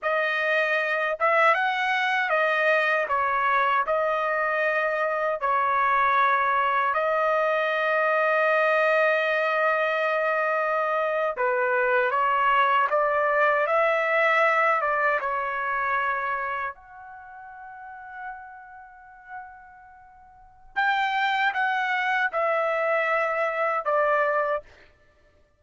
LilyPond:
\new Staff \with { instrumentName = "trumpet" } { \time 4/4 \tempo 4 = 78 dis''4. e''8 fis''4 dis''4 | cis''4 dis''2 cis''4~ | cis''4 dis''2.~ | dis''2~ dis''8. b'4 cis''16~ |
cis''8. d''4 e''4. d''8 cis''16~ | cis''4.~ cis''16 fis''2~ fis''16~ | fis''2. g''4 | fis''4 e''2 d''4 | }